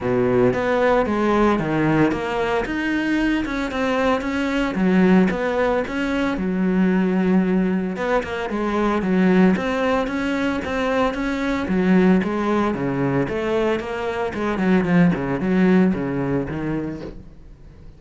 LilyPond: \new Staff \with { instrumentName = "cello" } { \time 4/4 \tempo 4 = 113 b,4 b4 gis4 dis4 | ais4 dis'4. cis'8 c'4 | cis'4 fis4 b4 cis'4 | fis2. b8 ais8 |
gis4 fis4 c'4 cis'4 | c'4 cis'4 fis4 gis4 | cis4 a4 ais4 gis8 fis8 | f8 cis8 fis4 cis4 dis4 | }